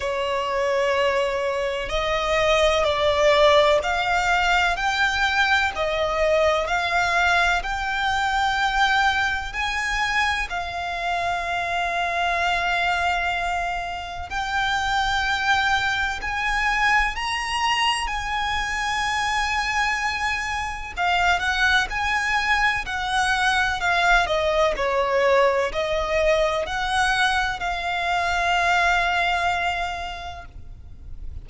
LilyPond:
\new Staff \with { instrumentName = "violin" } { \time 4/4 \tempo 4 = 63 cis''2 dis''4 d''4 | f''4 g''4 dis''4 f''4 | g''2 gis''4 f''4~ | f''2. g''4~ |
g''4 gis''4 ais''4 gis''4~ | gis''2 f''8 fis''8 gis''4 | fis''4 f''8 dis''8 cis''4 dis''4 | fis''4 f''2. | }